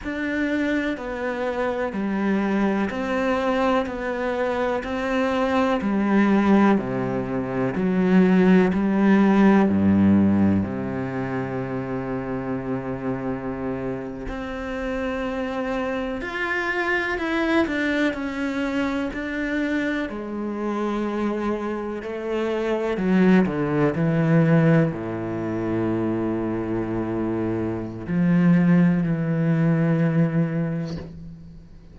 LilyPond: \new Staff \with { instrumentName = "cello" } { \time 4/4 \tempo 4 = 62 d'4 b4 g4 c'4 | b4 c'4 g4 c4 | fis4 g4 g,4 c4~ | c2~ c8. c'4~ c'16~ |
c'8. f'4 e'8 d'8 cis'4 d'16~ | d'8. gis2 a4 fis16~ | fis16 d8 e4 a,2~ a,16~ | a,4 f4 e2 | }